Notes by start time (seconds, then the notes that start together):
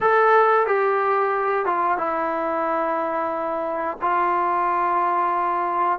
0.01 A4
0.66 G4
1.65 F4
1.97 E4
4.02 F4